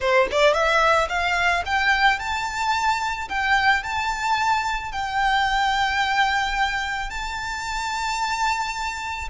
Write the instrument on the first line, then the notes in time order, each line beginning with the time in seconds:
violin
0.00 C5
0.31 D5
0.53 E5
1.08 F5
1.65 G5
2.19 A5
3.29 G5
3.83 A5
4.92 G5
7.10 A5